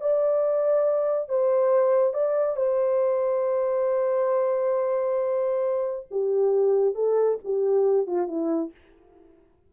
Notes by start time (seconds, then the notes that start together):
0.00 D5
1.29 C5
2.14 D5
2.57 C5
6.11 G4
6.95 A4
7.45 G4
8.07 F4
8.28 E4